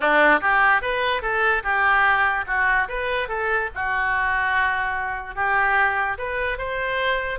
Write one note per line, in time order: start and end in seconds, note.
0.00 0.40 D4
0.40 0.81 G4
0.81 1.21 B4
1.21 1.63 A4
1.63 2.45 G4
2.47 2.88 F#4
2.88 3.28 B4
3.28 3.69 A4
3.74 5.35 F#4
5.35 6.17 G4
6.18 6.58 B4
6.58 7.39 C5